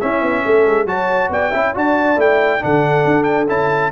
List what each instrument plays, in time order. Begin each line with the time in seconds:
0.00 trombone C#4, tuba C#4, horn E4, trumpet E5
0.21 tuba B3
0.45 tuba A3, horn A4
0.66 tuba G#3
0.85 tuba F#3, trombone F#4, horn C#5, trumpet A5
1.29 tuba B3, horn D5, trumpet G5
1.50 tuba C#4, trombone E4, horn E5
1.74 tuba D4, trombone F#4, horn D5, trumpet A5
2.16 tuba A3, trombone E4, trumpet G5
2.59 tuba D3, trombone D4, horn A4, trumpet F#5
3.05 tuba D4
3.23 trumpet G5
3.48 tuba C#4, trombone E4, trumpet A5